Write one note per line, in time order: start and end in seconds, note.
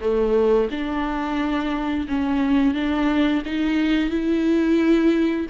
0.00 0.68 A3
0.70 2.07 D4
2.08 2.74 C#4
2.74 3.42 D4
3.45 4.10 D#4
4.10 5.46 E4